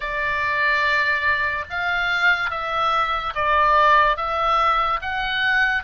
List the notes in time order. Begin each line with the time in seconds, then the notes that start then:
0.00 D5
1.70 F5
2.50 E5
3.34 D5
4.16 E5
5.02 F#5